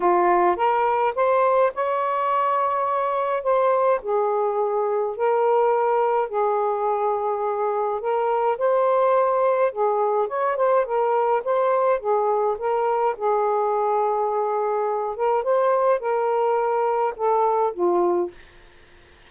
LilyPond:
\new Staff \with { instrumentName = "saxophone" } { \time 4/4 \tempo 4 = 105 f'4 ais'4 c''4 cis''4~ | cis''2 c''4 gis'4~ | gis'4 ais'2 gis'4~ | gis'2 ais'4 c''4~ |
c''4 gis'4 cis''8 c''8 ais'4 | c''4 gis'4 ais'4 gis'4~ | gis'2~ gis'8 ais'8 c''4 | ais'2 a'4 f'4 | }